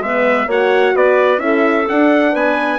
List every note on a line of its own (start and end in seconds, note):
0.00 0.47 G#3
0.00 0.50 B3
0.00 0.48 B4
0.00 0.50 E5
0.48 0.94 A#3
0.48 1.39 F#4
0.48 0.95 C#5
0.48 0.97 F#5
0.95 1.39 B3
0.95 1.42 B4
0.95 1.40 D5
1.39 1.85 C#4
1.39 1.86 E4
1.39 2.33 A4
1.39 1.87 E5
1.89 2.79 D4
1.89 2.35 D4
1.89 2.36 F#5
2.33 2.79 B3
2.33 2.79 B4
2.33 2.79 G#5